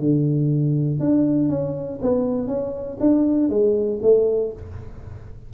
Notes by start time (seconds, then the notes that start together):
0.00 D3
1.00 D4
1.50 C#4
2.02 B3
2.48 C#4
3.01 D4
3.50 G#3
4.03 A3